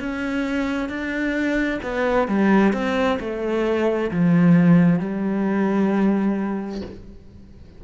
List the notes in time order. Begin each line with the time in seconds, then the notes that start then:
0.00 C#4
0.89 D4
1.83 B3
2.28 G3
2.73 C4
3.20 A3
4.11 F3
5.00 G3